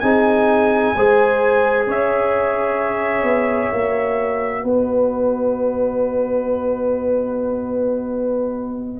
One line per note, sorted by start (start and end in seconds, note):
0.00 0.94 C4
0.00 0.95 D#4
0.00 0.95 G#4
0.00 1.85 G#5
0.96 1.87 G#3
0.96 3.74 G#4
0.96 1.87 C5
1.87 3.23 C#4
1.87 4.64 C#5
1.87 4.67 E5
3.23 3.69 B3
3.72 4.64 A#3
3.72 9.00 F#4
4.64 9.00 B3
4.64 9.00 B4
4.64 9.00 D#5